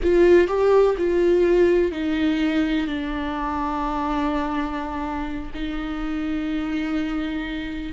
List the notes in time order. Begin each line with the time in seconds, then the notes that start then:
0.02 F4
0.47 G4
0.97 F4
1.91 D#4
2.87 D4
5.54 D#4